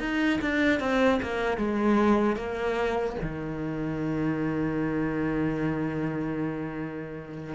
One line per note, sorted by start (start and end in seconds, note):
0.00 0.40 D#4
0.41 0.80 D4
0.80 1.20 C4
1.22 1.57 A#3
1.57 2.36 G#3
2.36 3.16 A#3
3.22 7.55 D#3